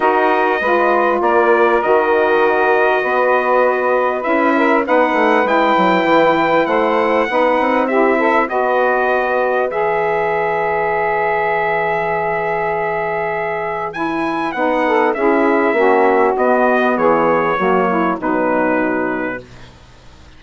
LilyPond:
<<
  \new Staff \with { instrumentName = "trumpet" } { \time 4/4 \tempo 4 = 99 dis''2 d''4 dis''4~ | dis''2. e''4 | fis''4 g''2 fis''4~ | fis''4 e''4 dis''2 |
e''1~ | e''2. gis''4 | fis''4 e''2 dis''4 | cis''2 b'2 | }
  \new Staff \with { instrumentName = "saxophone" } { \time 4/4 ais'4 b'4 ais'2~ | ais'4 b'2~ b'8 ais'8 | b'2. c''4 | b'4 g'8 a'8 b'2~ |
b'1~ | b'1~ | b'8 a'8 gis'4 fis'2 | gis'4 fis'8 e'8 dis'2 | }
  \new Staff \with { instrumentName = "saxophone" } { \time 4/4 fis'4 f'2 fis'4~ | fis'2. e'4 | dis'4 e'2. | dis'4 e'4 fis'2 |
gis'1~ | gis'2. e'4 | dis'4 e'4 cis'4 b4~ | b4 ais4 fis2 | }
  \new Staff \with { instrumentName = "bassoon" } { \time 4/4 dis'4 gis4 ais4 dis4~ | dis4 b2 cis'4 | b8 a8 gis8 fis8 e4 a4 | b8 c'4. b2 |
e1~ | e1 | b4 cis'4 ais4 b4 | e4 fis4 b,2 | }
>>